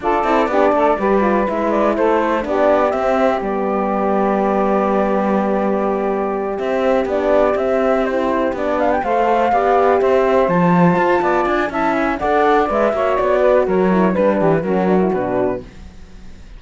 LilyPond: <<
  \new Staff \with { instrumentName = "flute" } { \time 4/4 \tempo 4 = 123 d''2. e''8 d''8 | c''4 d''4 e''4 d''4~ | d''1~ | d''4. e''4 d''4 e''8~ |
e''8 c''4 d''8 f''16 g''16 f''4.~ | f''8 e''4 a''2 gis''8 | a''8 gis''8 fis''4 e''4 d''4 | cis''4 b'4 ais'4 b'4 | }
  \new Staff \with { instrumentName = "saxophone" } { \time 4/4 a'4 g'8 a'8 b'2 | a'4 g'2.~ | g'1~ | g'1~ |
g'2~ g'8 c''4 d''8~ | d''8 c''2~ c''8 d''4 | e''4 d''4. cis''4 b'8 | ais'4 b'8 g'8 fis'2 | }
  \new Staff \with { instrumentName = "horn" } { \time 4/4 f'8 e'8 d'4 g'8 f'8 e'4~ | e'4 d'4 c'4 b4~ | b1~ | b4. c'4 d'4 c'8~ |
c'8 e'4 d'4 a'4 g'8~ | g'4. f'2~ f'8 | e'4 a'4 b'8 fis'4.~ | fis'8 e'8 d'4 cis'8 d'16 e'16 d'4 | }
  \new Staff \with { instrumentName = "cello" } { \time 4/4 d'8 c'8 b8 a8 g4 gis4 | a4 b4 c'4 g4~ | g1~ | g4. c'4 b4 c'8~ |
c'4. b4 a4 b8~ | b8 c'4 f4 f'8 b8 d'8 | cis'4 d'4 gis8 ais8 b4 | fis4 g8 e8 fis4 b,4 | }
>>